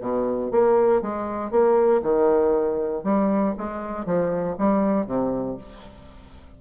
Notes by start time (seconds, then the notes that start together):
0.00 B2
0.51 A#3
1.01 G#3
1.50 A#3
2.02 D#3
3.03 G3
3.57 G#3
4.05 F3
4.58 G3
5.06 C3